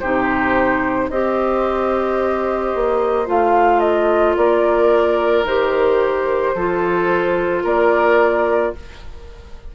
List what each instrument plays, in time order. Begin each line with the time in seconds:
0.00 bassoon C3, clarinet D#4, oboe G4, flute C5
1.10 bassoon C4, clarinet G4, oboe C5, flute D#5
2.75 bassoon A#3
3.26 bassoon A3, clarinet F4, flute F5
3.80 flute D#5
4.37 bassoon A#3, oboe A#4, flute D5
5.44 bassoon D#3, clarinet G4, flute C5
6.55 bassoon F3, clarinet F4, oboe A4
7.64 bassoon A#3, oboe A#4, flute D5